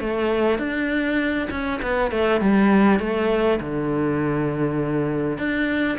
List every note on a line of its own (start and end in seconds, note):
0.00 0.58 A3
0.58 1.48 D4
1.50 1.80 C#4
1.82 2.11 B3
2.11 2.41 A3
2.41 3.00 G3
3.00 3.60 A3
3.60 5.38 D3
5.38 5.98 D4